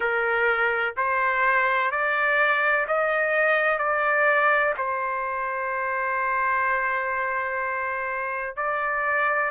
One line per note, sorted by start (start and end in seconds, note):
0.00 0.94 A#4
0.97 1.91 C5
1.91 2.86 D5
2.87 3.78 D#5
3.78 4.74 D5
4.77 8.56 C5
8.56 9.50 D5